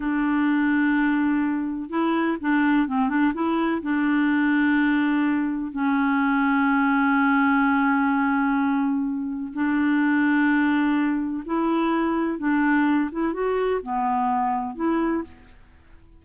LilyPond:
\new Staff \with { instrumentName = "clarinet" } { \time 4/4 \tempo 4 = 126 d'1 | e'4 d'4 c'8 d'8 e'4 | d'1 | cis'1~ |
cis'1 | d'1 | e'2 d'4. e'8 | fis'4 b2 e'4 | }